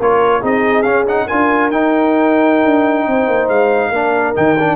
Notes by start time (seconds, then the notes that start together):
0.00 A#3 F4 A#4 C#5
0.40 C4 D#4 G#4 D#5
0.83 C#4 F5
1.08 D#4 F#5
1.27 D4 F4 A#4 G#5
1.71 D#4 G5
2.66 D4
3.08 C4 C5
3.28 A#3
3.49 G#3 F5
3.89 A#3 D4 A#4
4.35 D#3 D#4 G5
4.59 D4